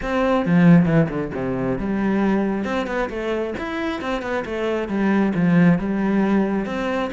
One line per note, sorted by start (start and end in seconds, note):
0.02 0.45 C4
0.45 0.85 F3
0.85 1.07 E3
1.09 1.31 D3
1.34 1.78 C3
1.78 2.64 G3
2.64 2.86 C4
2.86 3.09 B3
3.09 3.54 A3
3.58 4.01 E4
4.01 4.22 C4
4.22 4.44 B3
4.45 4.88 A3
4.88 5.33 G3
5.35 5.79 F3
5.79 6.65 G3
6.65 7.10 C4